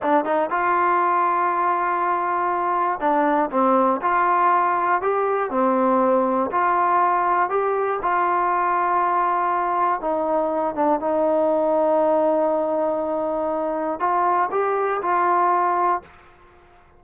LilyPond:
\new Staff \with { instrumentName = "trombone" } { \time 4/4 \tempo 4 = 120 d'8 dis'8 f'2.~ | f'2 d'4 c'4 | f'2 g'4 c'4~ | c'4 f'2 g'4 |
f'1 | dis'4. d'8 dis'2~ | dis'1 | f'4 g'4 f'2 | }